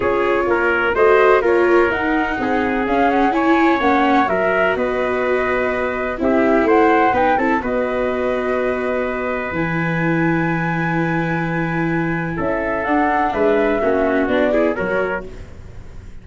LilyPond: <<
  \new Staff \with { instrumentName = "flute" } { \time 4/4 \tempo 4 = 126 cis''2 dis''4 cis''4 | fis''2 f''8 fis''8 gis''4 | fis''4 e''4 dis''2~ | dis''4 e''4 fis''4 g''8 a''8 |
dis''1 | gis''1~ | gis''2 e''4 fis''4 | e''2 d''4 cis''4 | }
  \new Staff \with { instrumentName = "trumpet" } { \time 4/4 gis'4 ais'4 c''4 ais'4~ | ais'4 gis'2 cis''4~ | cis''4 ais'4 b'2~ | b'4 g'4 c''4 b'8 a'8 |
b'1~ | b'1~ | b'2 a'2 | b'4 fis'4. gis'8 ais'4 | }
  \new Staff \with { instrumentName = "viola" } { \time 4/4 f'2 fis'4 f'4 | dis'2 cis'4 e'4 | cis'4 fis'2.~ | fis'4 e'2 dis'8 e'8 |
fis'1 | e'1~ | e'2. d'4~ | d'4 cis'4 d'8 e'8 fis'4 | }
  \new Staff \with { instrumentName = "tuba" } { \time 4/4 cis'4 ais4 a4 ais4 | dis'4 c'4 cis'2 | ais4 fis4 b2~ | b4 c'4 a4 b8 c'8 |
b1 | e1~ | e2 cis'4 d'4 | gis4 ais4 b4 fis4 | }
>>